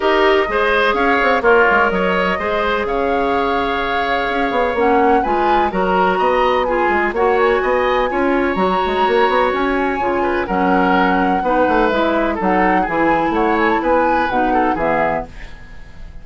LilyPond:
<<
  \new Staff \with { instrumentName = "flute" } { \time 4/4 \tempo 4 = 126 dis''2 f''4 cis''4 | dis''2 f''2~ | f''2 fis''4 gis''4 | ais''2 gis''4 fis''8 gis''8~ |
gis''2 ais''2 | gis''2 fis''2~ | fis''4 e''4 fis''4 gis''4 | fis''8 gis''16 a''16 gis''4 fis''4 e''4 | }
  \new Staff \with { instrumentName = "oboe" } { \time 4/4 ais'4 c''4 cis''4 f'4 | cis''4 c''4 cis''2~ | cis''2. b'4 | ais'4 dis''4 gis'4 cis''4 |
dis''4 cis''2.~ | cis''4. b'8 ais'2 | b'2 a'4 gis'4 | cis''4 b'4. a'8 gis'4 | }
  \new Staff \with { instrumentName = "clarinet" } { \time 4/4 g'4 gis'2 ais'4~ | ais'4 gis'2.~ | gis'2 cis'4 f'4 | fis'2 f'4 fis'4~ |
fis'4 f'4 fis'2~ | fis'4 f'4 cis'2 | dis'4 e'4 dis'4 e'4~ | e'2 dis'4 b4 | }
  \new Staff \with { instrumentName = "bassoon" } { \time 4/4 dis'4 gis4 cis'8 c'8 ais8 gis8 | fis4 gis4 cis2~ | cis4 cis'8 b8 ais4 gis4 | fis4 b4. gis8 ais4 |
b4 cis'4 fis8 gis8 ais8 b8 | cis'4 cis4 fis2 | b8 a8 gis4 fis4 e4 | a4 b4 b,4 e4 | }
>>